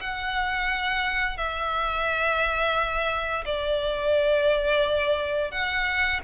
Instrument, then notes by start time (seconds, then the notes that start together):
violin
0.00 F#5
1.37 E5
3.45 D5
5.51 F#5